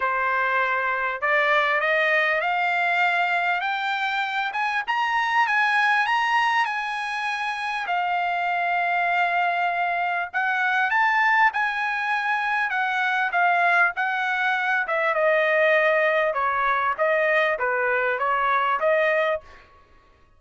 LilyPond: \new Staff \with { instrumentName = "trumpet" } { \time 4/4 \tempo 4 = 99 c''2 d''4 dis''4 | f''2 g''4. gis''8 | ais''4 gis''4 ais''4 gis''4~ | gis''4 f''2.~ |
f''4 fis''4 a''4 gis''4~ | gis''4 fis''4 f''4 fis''4~ | fis''8 e''8 dis''2 cis''4 | dis''4 b'4 cis''4 dis''4 | }